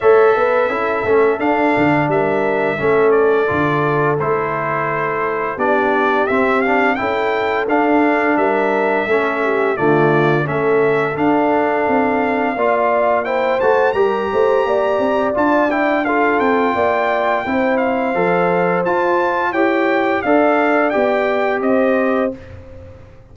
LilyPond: <<
  \new Staff \with { instrumentName = "trumpet" } { \time 4/4 \tempo 4 = 86 e''2 f''4 e''4~ | e''8 d''4. c''2 | d''4 e''8 f''8 g''4 f''4 | e''2 d''4 e''4 |
f''2. g''8 a''8 | ais''2 a''8 g''8 f''8 g''8~ | g''4. f''4. a''4 | g''4 f''4 g''4 dis''4 | }
  \new Staff \with { instrumentName = "horn" } { \time 4/4 cis''8 b'8 a'2 ais'4 | a'1 | g'2 a'2 | ais'4 a'8 g'8 f'4 a'4~ |
a'2 d''4 c''4 | ais'8 c''8 d''2 a'4 | d''4 c''2. | cis''4 d''2 c''4 | }
  \new Staff \with { instrumentName = "trombone" } { \time 4/4 a'4 e'8 cis'8 d'2 | cis'4 f'4 e'2 | d'4 c'8 d'8 e'4 d'4~ | d'4 cis'4 a4 cis'4 |
d'2 f'4 e'8 fis'8 | g'2 f'8 e'8 f'4~ | f'4 e'4 a'4 f'4 | g'4 a'4 g'2 | }
  \new Staff \with { instrumentName = "tuba" } { \time 4/4 a8 b8 cis'8 a8 d'8 d8 g4 | a4 d4 a2 | b4 c'4 cis'4 d'4 | g4 a4 d4 a4 |
d'4 c'4 ais4. a8 | g8 a8 ais8 c'8 d'4. c'8 | ais4 c'4 f4 f'4 | e'4 d'4 b4 c'4 | }
>>